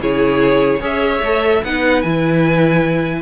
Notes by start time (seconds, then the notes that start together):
0.00 C#3 E4 G#4 C#5
0.80 C#4 G#4 C#5 E5
1.22 A3 A4
1.63 B3 D#4 B4 F#5
2.01 E3 E4 G#5